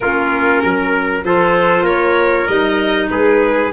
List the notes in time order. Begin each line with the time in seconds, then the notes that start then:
0.00 A#3 C#4 F4 A#4
0.62 F#3 A#4
1.24 F3 F4 A4 C5
1.82 A#3 A#4 C#5
2.47 G3 D#4 D#5
3.10 G#3 G#4 B4